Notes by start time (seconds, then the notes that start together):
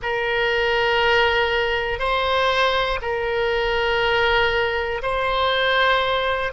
0.02 A#4
1.99 C5
3.01 A#4
5.02 C5